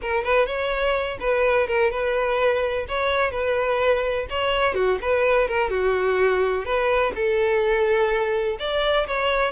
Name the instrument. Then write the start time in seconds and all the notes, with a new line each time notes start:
violin
0.01 A#4
0.23 B4
0.46 C#5
1.20 B4
1.67 A#4
1.90 B4
2.88 C#5
3.31 B4
4.29 C#5
4.74 F#4
5.01 B4
5.47 A#4
5.70 F#4
6.65 B4
7.15 A4
8.59 D5
9.07 C#5